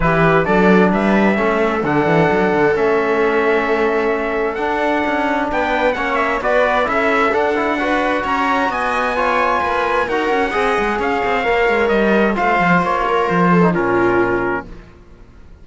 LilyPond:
<<
  \new Staff \with { instrumentName = "trumpet" } { \time 4/4 \tempo 4 = 131 b'4 d''4 e''2 | fis''2 e''2~ | e''2 fis''2 | g''4 fis''8 e''8 d''4 e''4 |
fis''2 ais''4 gis''4~ | gis''2 fis''2 | f''2 dis''4 f''4 | cis''4 c''4 ais'2 | }
  \new Staff \with { instrumentName = "viola" } { \time 4/4 g'4 a'4 b'4 a'4~ | a'1~ | a'1 | b'4 cis''4 b'4 a'4~ |
a'4 b'4 cis''4 dis''4 | cis''4 b'4 ais'4 dis''4 | cis''2. c''4~ | c''8 ais'4 a'8 f'2 | }
  \new Staff \with { instrumentName = "trombone" } { \time 4/4 e'4 d'2 cis'4 | d'2 cis'2~ | cis'2 d'2~ | d'4 cis'4 fis'4 e'4 |
d'8 e'8 fis'2. | f'2 fis'4 gis'4~ | gis'4 ais'2 f'4~ | f'4.~ f'16 dis'16 cis'2 | }
  \new Staff \with { instrumentName = "cello" } { \time 4/4 e4 fis4 g4 a4 | d8 e8 fis8 d8 a2~ | a2 d'4 cis'4 | b4 ais4 b4 cis'4 |
d'2 cis'4 b4~ | b4 ais4 dis'8 cis'8 c'8 gis8 | cis'8 c'8 ais8 gis8 g4 a8 f8 | ais4 f4 ais,2 | }
>>